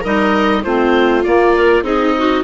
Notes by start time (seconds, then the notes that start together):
0.00 G3 D#4 A#4 D#5
0.63 A3 C4 F4 C5
1.23 A#3 D5
1.55 A#4
1.82 C4 D#4 G#4 D#5
2.17 F#4